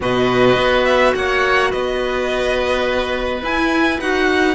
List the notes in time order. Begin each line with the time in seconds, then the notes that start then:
0.00 B2 F#4 B4 D#5
0.56 B3
0.85 E5
1.15 A#3 C#5 F#5
1.70 B3 B4 D#5
3.41 E4 G#5
3.99 D#4 F#4 F#5